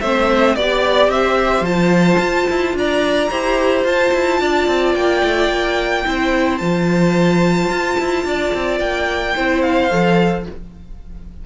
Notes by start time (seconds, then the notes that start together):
0.00 A3 C4 C5 E5
0.55 B3 G4 D5
1.08 C4 C5 E5
1.61 F3 F4 A5
2.18 F4
2.50 E4
2.74 D4 D5 A#5
3.30 E4 G4 C5
3.84 F4 A5
4.13 E4
4.40 D4 D5
4.67 C4
4.94 A#3 G5
5.23 A3
5.49 A#3
6.05 C4 E4 C5
6.57 F3 F4 A5
7.69 F4
7.99 E4
8.25 D4 D5
8.54 C4
8.79 A#3 G5
9.35 C4 E4 C5
9.61 F5
9.90 F3 A4